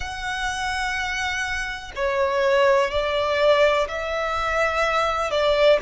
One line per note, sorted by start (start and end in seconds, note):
0.00 1.92 F#5
1.95 2.90 C#5
2.90 3.87 D5
3.88 5.30 E5
5.30 5.78 D5